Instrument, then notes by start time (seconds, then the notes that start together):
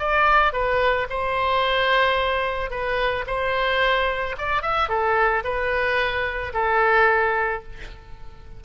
oboe
0.00 D5
0.53 B4
1.10 C5
2.71 B4
3.28 C5
4.39 D5
4.63 E5
4.89 A4
5.44 B4
6.54 A4